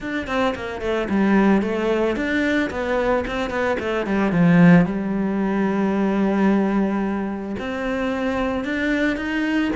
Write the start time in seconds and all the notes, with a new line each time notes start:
0.00 D4
0.27 C4
0.55 A#3
0.81 A3
1.09 G3
1.62 A3
2.16 D4
2.70 B3
3.27 C4
3.50 B3
3.79 A3
4.06 G3
4.32 F3
4.85 G3
7.59 C4
8.64 D4
9.16 D#4